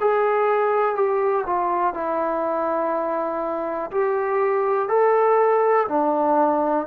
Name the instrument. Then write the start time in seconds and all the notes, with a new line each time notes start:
trombone
0.00 G#4
0.95 G4
1.46 F4
1.94 E4
3.91 G4
4.89 A4
5.88 D4